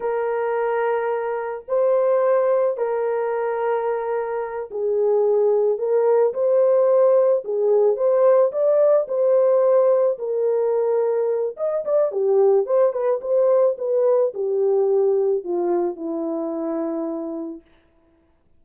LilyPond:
\new Staff \with { instrumentName = "horn" } { \time 4/4 \tempo 4 = 109 ais'2. c''4~ | c''4 ais'2.~ | ais'8 gis'2 ais'4 c''8~ | c''4. gis'4 c''4 d''8~ |
d''8 c''2 ais'4.~ | ais'4 dis''8 d''8 g'4 c''8 b'8 | c''4 b'4 g'2 | f'4 e'2. | }